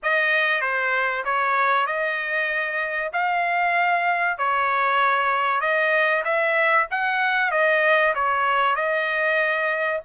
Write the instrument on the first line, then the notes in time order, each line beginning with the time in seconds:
trumpet
0.02 D#5
0.61 C5
1.24 C#5
1.86 D#5
3.12 F5
4.38 C#5
5.61 D#5
6.24 E5
6.90 F#5
7.51 D#5
8.14 C#5
8.75 D#5